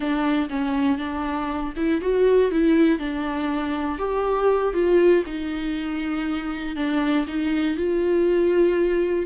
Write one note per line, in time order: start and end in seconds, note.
0.00 0.48 D4
0.49 0.97 C#4
0.97 1.72 D4
1.76 2.01 E4
2.01 2.51 F#4
2.51 2.99 E4
2.99 3.98 D4
3.98 4.73 G4
4.73 5.23 F4
5.26 6.76 D#4
6.76 7.26 D4
7.27 7.76 D#4
7.76 9.25 F4